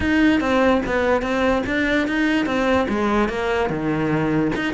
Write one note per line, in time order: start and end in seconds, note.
0.00 0.40 D#4
0.40 0.81 C4
0.86 1.21 B3
1.21 1.63 C4
1.66 2.07 D4
2.07 2.46 D#4
2.46 2.87 C4
2.88 3.28 G#3
3.28 3.69 A#3
3.69 4.51 D#3
4.55 4.73 D#4